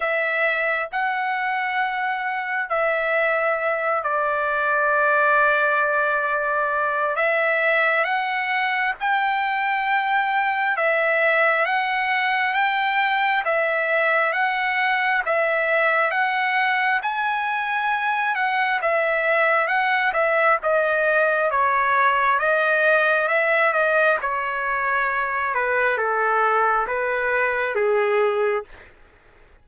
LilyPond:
\new Staff \with { instrumentName = "trumpet" } { \time 4/4 \tempo 4 = 67 e''4 fis''2 e''4~ | e''8 d''2.~ d''8 | e''4 fis''4 g''2 | e''4 fis''4 g''4 e''4 |
fis''4 e''4 fis''4 gis''4~ | gis''8 fis''8 e''4 fis''8 e''8 dis''4 | cis''4 dis''4 e''8 dis''8 cis''4~ | cis''8 b'8 a'4 b'4 gis'4 | }